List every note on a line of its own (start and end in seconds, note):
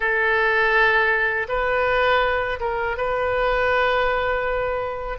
0.00 1.46 A4
1.48 2.59 B4
2.60 2.97 A#4
2.97 5.18 B4